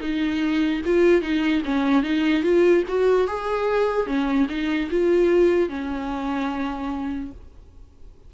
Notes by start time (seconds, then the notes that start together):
0.00 D#4
0.85 F4
1.21 D#4
1.64 C#4
2.03 D#4
2.43 F4
2.88 F#4
3.27 G#4
4.06 C#4
4.49 D#4
4.91 F4
5.69 C#4